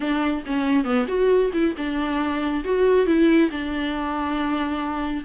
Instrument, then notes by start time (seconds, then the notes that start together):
viola
0.00 D4
0.46 C#4
0.84 B3
1.07 F#4
1.53 E4
1.77 D4
2.64 F#4
3.06 E4
3.50 D4